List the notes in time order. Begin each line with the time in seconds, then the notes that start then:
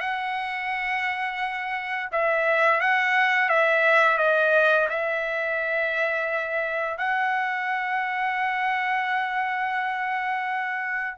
0.00 F#5
2.12 E5
2.80 F#5
3.49 E5
4.18 D#5
4.89 E5
6.98 F#5